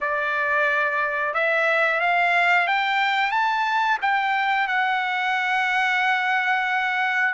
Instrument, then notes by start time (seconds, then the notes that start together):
trumpet
0.01 D5
1.33 E5
2.00 F5
2.67 G5
3.31 A5
4.01 G5
4.67 F#5